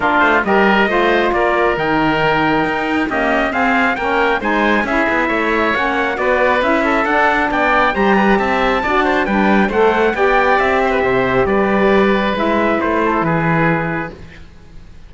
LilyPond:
<<
  \new Staff \with { instrumentName = "trumpet" } { \time 4/4 \tempo 4 = 136 ais'8 c''8 dis''2 d''4 | g''2. dis''4 | f''4 g''4 gis''4 e''4~ | e''4 fis''4 d''4 e''4 |
fis''4 g''4 ais''4 a''4~ | a''4 g''4 fis''4 g''4 | e''2 d''2 | e''4 c''4 b'2 | }
  \new Staff \with { instrumentName = "oboe" } { \time 4/4 f'4 ais'4 c''4 ais'4~ | ais'2. g'4 | gis'4 ais'4 c''4 gis'4 | cis''2 b'4. a'8~ |
a'4 d''4 c''8 b'8 e''4 | d''8 c''8 b'4 c''4 d''4~ | d''8 c''16 b'16 c''4 b'2~ | b'4. a'8 gis'2 | }
  \new Staff \with { instrumentName = "saxophone" } { \time 4/4 d'4 g'4 f'2 | dis'2. ais4 | c'4 cis'4 dis'4 e'4~ | e'4 cis'4 fis'4 e'4 |
d'2 g'2 | fis'4 d'4 a'4 g'4~ | g'1 | e'1 | }
  \new Staff \with { instrumentName = "cello" } { \time 4/4 ais8 a8 g4 a4 ais4 | dis2 dis'4 cis'4 | c'4 ais4 gis4 cis'8 b8 | a4 ais4 b4 cis'4 |
d'4 b4 g4 c'4 | d'4 g4 a4 b4 | c'4 c4 g2 | gis4 a4 e2 | }
>>